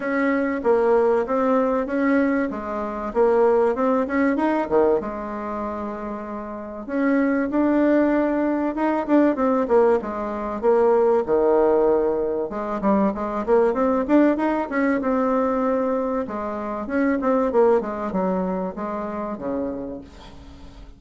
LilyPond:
\new Staff \with { instrumentName = "bassoon" } { \time 4/4 \tempo 4 = 96 cis'4 ais4 c'4 cis'4 | gis4 ais4 c'8 cis'8 dis'8 dis8 | gis2. cis'4 | d'2 dis'8 d'8 c'8 ais8 |
gis4 ais4 dis2 | gis8 g8 gis8 ais8 c'8 d'8 dis'8 cis'8 | c'2 gis4 cis'8 c'8 | ais8 gis8 fis4 gis4 cis4 | }